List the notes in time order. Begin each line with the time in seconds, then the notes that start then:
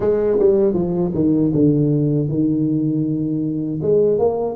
0.00 G#3
0.39 G3
0.73 F3
1.14 D#3
1.54 D3
2.28 D#3
3.81 G#3
4.18 A#3